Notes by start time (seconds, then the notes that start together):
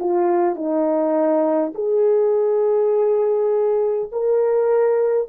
0.00 F4
0.56 D#4
1.75 G#4
4.12 A#4